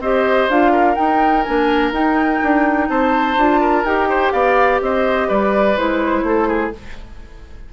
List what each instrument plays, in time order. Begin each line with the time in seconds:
0.00 bassoon C4, clarinet G4, oboe C5, flute D#5
0.49 bassoon D4, clarinet F4, flute F5
0.72 oboe A#4
0.95 clarinet D#4, bassoon D#4, flute G5
1.43 bassoon A#3, clarinet D4, flute G#5
1.92 bassoon D#4, clarinet D#4, flute G5
2.43 bassoon D4
2.89 bassoon C4, oboe C5, flute A5
3.37 bassoon D4, clarinet F4
3.61 oboe A#4
3.84 bassoon D#4, clarinet G4, flute G5
4.09 oboe C5
4.32 bassoon B3, oboe D5, flute F5
4.81 bassoon C4, oboe C5, flute D#5
5.28 bassoon G3, oboe B4, flute D5
5.77 bassoon G#3, clarinet E4, flute C5
6.23 bassoon A3, oboe A4
6.48 oboe G#4